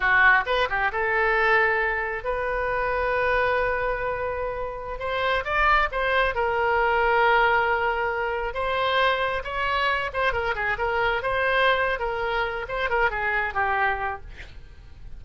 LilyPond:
\new Staff \with { instrumentName = "oboe" } { \time 4/4 \tempo 4 = 135 fis'4 b'8 g'8 a'2~ | a'4 b'2.~ | b'2.~ b'16 c''8.~ | c''16 d''4 c''4 ais'4.~ ais'16~ |
ais'2.~ ais'16 c''8.~ | c''4~ c''16 cis''4. c''8 ais'8 gis'16~ | gis'16 ais'4 c''4.~ c''16 ais'4~ | ais'8 c''8 ais'8 gis'4 g'4. | }